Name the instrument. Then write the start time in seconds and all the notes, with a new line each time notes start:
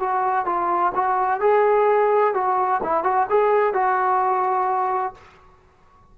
trombone
0.00 F#4
0.46 F4
0.95 F#4
1.41 G#4
2.34 F#4
2.83 E4
3.04 F#4
3.30 G#4
3.74 F#4